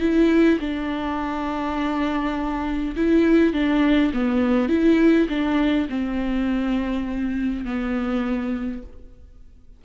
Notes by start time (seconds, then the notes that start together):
0.00 E4
0.60 D4
2.96 E4
3.53 D4
4.13 B3
4.68 E4
5.29 D4
5.89 C4
7.65 B3